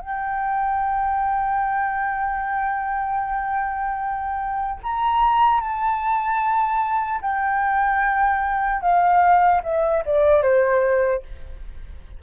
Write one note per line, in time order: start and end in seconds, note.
0.00 4.80 G5
4.83 5.61 A#5
5.61 7.21 A5
7.21 8.81 G5
8.81 9.61 F5
9.64 10.04 E5
10.05 10.43 D5
10.43 11.23 C5